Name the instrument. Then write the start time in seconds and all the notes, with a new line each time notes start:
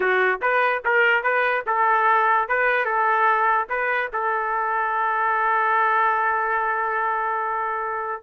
trumpet
0.00 F#4
0.41 B4
0.84 A#4
1.23 B4
1.66 A4
2.48 B4
2.85 A4
3.69 B4
4.13 A4